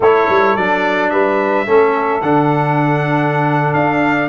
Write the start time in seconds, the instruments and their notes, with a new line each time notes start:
0.00 tuba A3, trombone E4, saxophone A4, trumpet C#5
0.29 tuba G3
0.56 tuba F#3, trombone D4, trumpet D5
1.10 tuba G3, saxophone B4, trumpet E5
1.66 tuba A3, trombone C#4, saxophone A4
2.21 tuba D3, trombone D4, trumpet F#5
3.73 tuba D4, trumpet F5